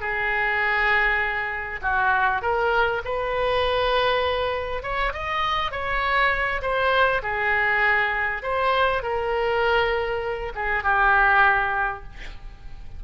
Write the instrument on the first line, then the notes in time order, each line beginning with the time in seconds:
oboe
0.00 G#4
1.82 F#4
2.42 A#4
3.05 B4
4.82 C#5
5.13 D#5
5.71 C#5
6.62 C5
7.23 G#4
8.43 C5
9.02 A#4
10.55 G#4
10.83 G4